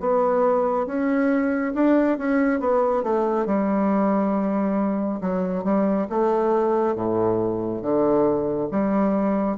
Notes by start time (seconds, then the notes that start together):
0.00 B3
0.86 C#4
1.74 D4
2.18 C#4
2.60 B3
3.03 A3
3.46 G3
5.21 F#3
5.64 G3
6.09 A3
6.95 A2
7.82 D3
8.71 G3